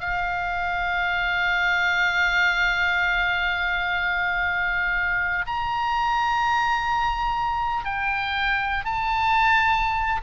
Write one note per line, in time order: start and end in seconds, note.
0.00 5.45 F5
5.46 7.85 A#5
7.85 8.85 G5
8.85 10.21 A5